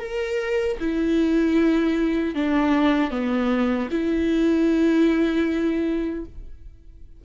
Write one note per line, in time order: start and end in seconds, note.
0.00 0.78 A#4
0.80 2.35 E4
2.35 3.11 D4
3.11 3.89 B3
3.91 6.25 E4